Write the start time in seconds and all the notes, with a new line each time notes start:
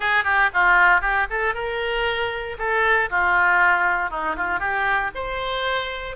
0.00 G#4
0.24 G4
0.53 F4
1.01 G4
1.30 A4
1.54 A#4
2.58 A4
3.10 F4
4.10 D#4
4.36 F4
4.59 G4
5.14 C5